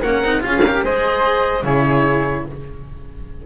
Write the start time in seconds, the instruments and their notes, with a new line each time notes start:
0.00 double bass A#3, cello C#4, flute A#4, oboe F#5
0.22 double bass C4, cello D#4
0.41 double bass C#4, cello F4, flute G#4, oboe F5
0.64 cello G4, flute A#4
0.83 double bass G#3, cello G#4, flute C5, oboe D#5
1.63 double bass C#3, cello E4, flute G#4, oboe C#5